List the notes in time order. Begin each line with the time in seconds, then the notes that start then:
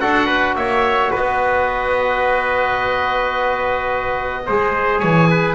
0.00 D4 F#4 A4 F#5
0.26 B4
0.55 A#3 C#5 E5
1.11 B3 B4 D#5
4.46 G#3 G#4 C5
4.99 E3 C#5 G#5
5.30 B4